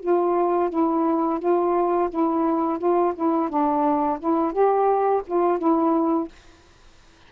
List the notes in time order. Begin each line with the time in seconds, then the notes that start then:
0.00 F4
0.69 E4
1.39 F4
2.10 E4
2.78 F4
3.15 E4
3.49 D4
4.20 E4
4.52 G4
5.27 F4
5.58 E4